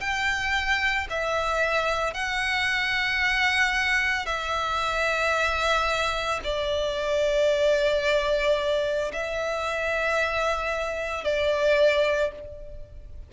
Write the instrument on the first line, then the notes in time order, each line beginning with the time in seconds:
violin
0.00 G5
1.10 E5
2.14 F#5
4.26 E5
6.43 D5
9.12 E5
11.24 D5